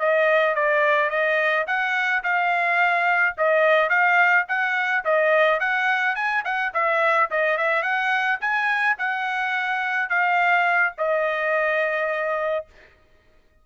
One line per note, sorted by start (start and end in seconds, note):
0.00 0.55 D#5
0.55 1.10 D5
1.10 1.66 D#5
1.67 2.23 F#5
2.24 3.36 F5
3.38 3.90 D#5
3.90 4.46 F5
4.48 5.04 F#5
5.05 5.60 D#5
5.60 6.16 F#5
6.16 6.44 G#5
6.45 6.73 F#5
6.74 7.30 E5
7.31 7.58 D#5
7.58 7.83 E5
7.83 8.39 F#5
8.41 8.97 G#5
8.98 10.10 F#5
10.10 10.94 F5
10.98 12.67 D#5